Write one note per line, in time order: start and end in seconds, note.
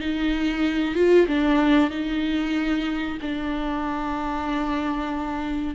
0.00 0.95 D#4
0.95 1.27 F4
1.27 1.90 D4
1.90 3.18 D#4
3.22 5.75 D4